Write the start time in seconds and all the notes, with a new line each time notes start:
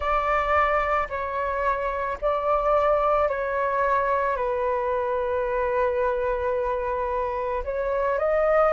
0.00 D5
1.09 C#5
2.21 D5
3.28 C#5
4.36 B4
7.64 C#5
8.18 D#5